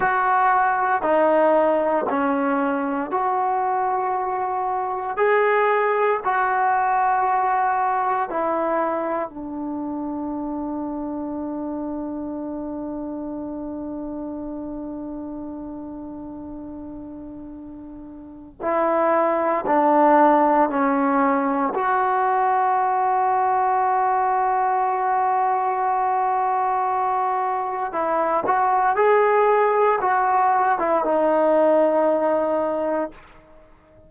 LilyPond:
\new Staff \with { instrumentName = "trombone" } { \time 4/4 \tempo 4 = 58 fis'4 dis'4 cis'4 fis'4~ | fis'4 gis'4 fis'2 | e'4 d'2.~ | d'1~ |
d'2 e'4 d'4 | cis'4 fis'2.~ | fis'2. e'8 fis'8 | gis'4 fis'8. e'16 dis'2 | }